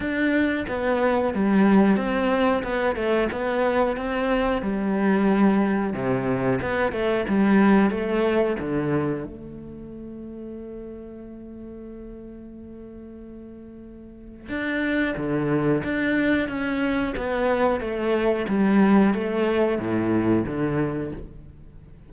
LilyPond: \new Staff \with { instrumentName = "cello" } { \time 4/4 \tempo 4 = 91 d'4 b4 g4 c'4 | b8 a8 b4 c'4 g4~ | g4 c4 b8 a8 g4 | a4 d4 a2~ |
a1~ | a2 d'4 d4 | d'4 cis'4 b4 a4 | g4 a4 a,4 d4 | }